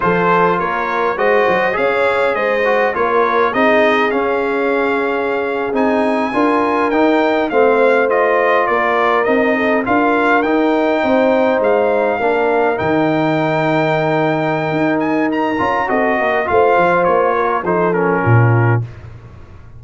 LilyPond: <<
  \new Staff \with { instrumentName = "trumpet" } { \time 4/4 \tempo 4 = 102 c''4 cis''4 dis''4 f''4 | dis''4 cis''4 dis''4 f''4~ | f''4.~ f''16 gis''2 g''16~ | g''8. f''4 dis''4 d''4 dis''16~ |
dis''8. f''4 g''2 f''16~ | f''4.~ f''16 g''2~ g''16~ | g''4. gis''8 ais''4 dis''4 | f''4 cis''4 c''8 ais'4. | }
  \new Staff \with { instrumentName = "horn" } { \time 4/4 a'4 ais'4 c''4 cis''4 | c''4 ais'4 gis'2~ | gis'2~ gis'8. ais'4~ ais'16~ | ais'8. c''2 ais'4~ ais'16~ |
ais'16 a'8 ais'2 c''4~ c''16~ | c''8. ais'2.~ ais'16~ | ais'2. a'8 ais'8 | c''4. ais'8 a'4 f'4 | }
  \new Staff \with { instrumentName = "trombone" } { \time 4/4 f'2 fis'4 gis'4~ | gis'8 fis'8 f'4 dis'4 cis'4~ | cis'4.~ cis'16 dis'4 f'4 dis'16~ | dis'8. c'4 f'2 dis'16~ |
dis'8. f'4 dis'2~ dis'16~ | dis'8. d'4 dis'2~ dis'16~ | dis'2~ dis'8 f'8 fis'4 | f'2 dis'8 cis'4. | }
  \new Staff \with { instrumentName = "tuba" } { \time 4/4 f4 ais4 gis8 fis8 cis'4 | gis4 ais4 c'4 cis'4~ | cis'4.~ cis'16 c'4 d'4 dis'16~ | dis'8. a2 ais4 c'16~ |
c'8. d'4 dis'4 c'4 gis16~ | gis8. ais4 dis2~ dis16~ | dis4 dis'4. cis'8 c'8 ais8 | a8 f8 ais4 f4 ais,4 | }
>>